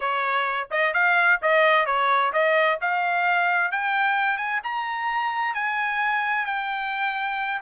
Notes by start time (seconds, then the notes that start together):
0.00 C#5
0.70 D#5
0.93 F5
1.42 D#5
1.86 C#5
2.32 D#5
2.81 F5
3.71 G5
4.37 G#5
4.63 A#5
5.54 G#5
6.45 G5